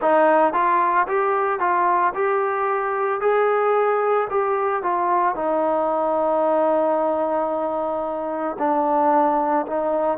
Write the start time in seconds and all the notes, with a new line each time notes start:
0.01 D#4
0.53 F4
1.07 G4
1.59 F4
2.14 G4
3.20 G#4
4.30 G4
4.82 F4
5.35 D#4
8.58 D4
9.66 D#4